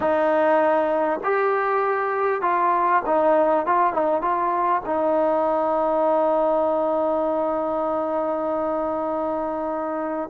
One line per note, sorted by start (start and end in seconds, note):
0.00 1.20 D#4
1.23 2.41 G4
2.41 3.02 F4
3.06 3.66 D#4
3.66 3.93 F4
3.93 4.21 D#4
4.21 4.82 F4
4.85 10.29 D#4